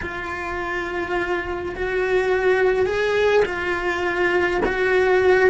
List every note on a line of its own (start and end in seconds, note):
0.02 1.75 F4
1.75 2.85 F#4
2.85 3.43 G#4
3.45 4.60 F4
4.65 5.50 F#4